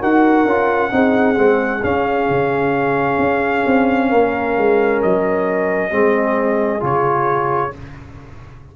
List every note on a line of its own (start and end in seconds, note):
0.00 0.45 D#4
0.00 0.47 F#4
0.00 0.91 A#4
0.00 1.84 F#5
0.45 0.90 C#4
0.45 0.91 F4
0.91 1.37 C4
0.91 1.35 D#4
0.91 4.09 G#4
1.35 1.83 G#3
1.35 1.80 C4
1.83 5.90 C#4
1.83 2.29 C#4
1.83 5.02 F5
2.29 3.18 C#3
3.18 3.63 C#4
3.66 4.11 C4
4.09 4.57 A#3
4.09 5.90 A#4
4.57 5.03 G#3
5.02 5.92 F#3
5.02 6.84 D#5
5.90 6.82 G#3
5.90 6.79 C4
5.90 7.75 G#4
6.79 7.73 C#3
6.79 7.70 F4
6.79 7.75 C#5